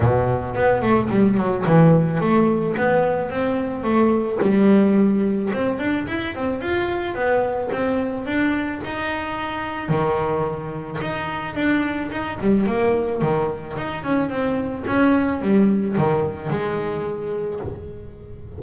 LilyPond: \new Staff \with { instrumentName = "double bass" } { \time 4/4 \tempo 4 = 109 b,4 b8 a8 g8 fis8 e4 | a4 b4 c'4 a4 | g2 c'8 d'8 e'8 c'8 | f'4 b4 c'4 d'4 |
dis'2 dis2 | dis'4 d'4 dis'8 g8 ais4 | dis4 dis'8 cis'8 c'4 cis'4 | g4 dis4 gis2 | }